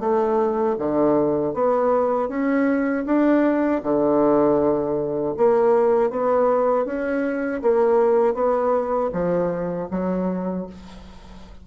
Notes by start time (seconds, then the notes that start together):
0.00 A3
0.78 D3
1.54 B3
2.29 C#4
3.06 D4
3.83 D3
5.37 A#3
6.10 B3
6.85 C#4
7.62 A#3
8.34 B3
9.13 F3
9.90 F#3